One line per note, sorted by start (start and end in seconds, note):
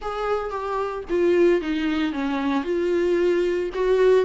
0.01 0.50 G#4
0.50 1.03 G4
1.09 1.61 F4
1.61 2.12 D#4
2.12 2.63 C#4
2.63 3.70 F4
3.74 4.25 F#4